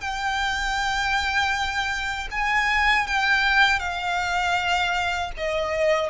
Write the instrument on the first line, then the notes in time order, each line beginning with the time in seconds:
violin
0.00 G5
2.31 G#5
3.07 G5
3.79 F5
5.36 D#5